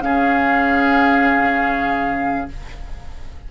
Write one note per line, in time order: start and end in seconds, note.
0.00 2.47 C#3
0.00 2.48 C#4
0.00 2.51 G#4
0.00 2.48 F5